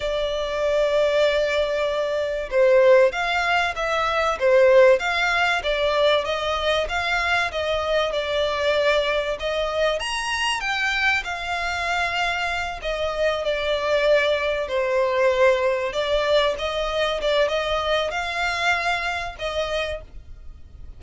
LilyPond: \new Staff \with { instrumentName = "violin" } { \time 4/4 \tempo 4 = 96 d''1 | c''4 f''4 e''4 c''4 | f''4 d''4 dis''4 f''4 | dis''4 d''2 dis''4 |
ais''4 g''4 f''2~ | f''8 dis''4 d''2 c''8~ | c''4. d''4 dis''4 d''8 | dis''4 f''2 dis''4 | }